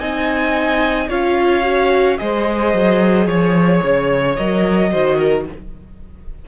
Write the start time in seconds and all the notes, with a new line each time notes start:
0.00 C4 D#4 D#5 G#5
1.09 C#4 F4 C#5 F5
1.64 F#4
2.18 G#3 G#4 C5 D#5
2.74 F#3
3.27 F3 C#5
3.84 C#3
4.37 F#3 A#4 D#5
4.92 D#3 F#4 C5
5.18 A#4